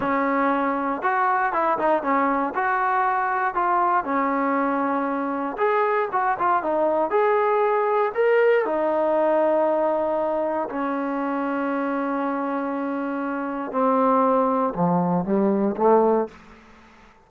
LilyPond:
\new Staff \with { instrumentName = "trombone" } { \time 4/4 \tempo 4 = 118 cis'2 fis'4 e'8 dis'8 | cis'4 fis'2 f'4 | cis'2. gis'4 | fis'8 f'8 dis'4 gis'2 |
ais'4 dis'2.~ | dis'4 cis'2.~ | cis'2. c'4~ | c'4 f4 g4 a4 | }